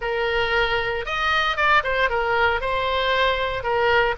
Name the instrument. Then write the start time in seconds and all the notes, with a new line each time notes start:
oboe
0.01 A#4
1.05 D#5
1.56 D5
1.83 C5
2.09 A#4
2.61 C5
3.63 A#4